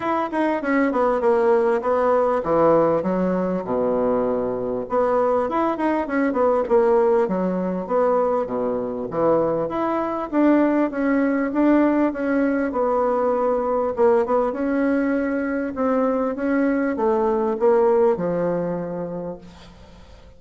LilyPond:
\new Staff \with { instrumentName = "bassoon" } { \time 4/4 \tempo 4 = 99 e'8 dis'8 cis'8 b8 ais4 b4 | e4 fis4 b,2 | b4 e'8 dis'8 cis'8 b8 ais4 | fis4 b4 b,4 e4 |
e'4 d'4 cis'4 d'4 | cis'4 b2 ais8 b8 | cis'2 c'4 cis'4 | a4 ais4 f2 | }